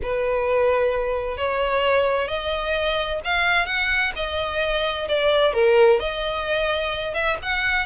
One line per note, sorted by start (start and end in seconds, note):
0.02 1.37 B4
1.37 2.27 C#5
2.27 3.20 D#5
3.24 3.66 F5
3.66 4.12 F#5
4.15 5.08 D#5
5.08 5.53 D5
5.53 5.99 A#4
5.99 7.14 D#5
7.14 7.37 E5
7.42 7.86 F#5